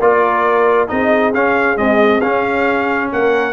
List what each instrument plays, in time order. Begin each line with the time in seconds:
0.00 tuba A#3, trombone F4, horn A#4, trumpet D5
0.88 tuba C4, trombone D#4, horn G#4, trumpet D#5
1.34 tuba C#4, trombone C#4, trumpet F5
1.77 trombone G#3, tuba C4, trumpet D#5
2.21 trombone C#4, tuba C#4, trumpet F5
3.12 tuba A#3, horn A#4, trumpet F#5